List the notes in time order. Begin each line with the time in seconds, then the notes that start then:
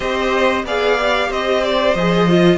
0.00 C4 G4 C5 D#5
0.64 B3 G#4 D5 F5
0.99 G4
1.29 C4 C5 D#5
1.63 D5
1.94 F3 G#4 D#5
2.29 F4